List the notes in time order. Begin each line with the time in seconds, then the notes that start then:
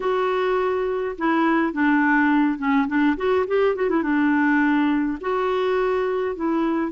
0.00 F#4
1.17 E4
1.72 D4
2.58 C#4
2.87 D4
3.17 F#4
3.47 G4
3.75 F#4
3.89 E4
4.03 D4
5.20 F#4
6.35 E4